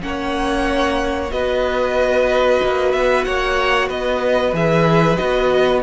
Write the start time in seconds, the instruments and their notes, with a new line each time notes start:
0.00 cello A#3, viola C#4, violin F#5
0.07 violin C#5
1.31 cello B3, viola F#4, violin B4 D#5
2.63 cello A#3
2.92 cello B3, violin E5
3.24 cello A#3, violin C#5 F#5
3.88 cello B3, violin B4 D#5
4.52 cello E3, viola G#4, violin E5
5.16 cello B3, viola F#4, violin D#5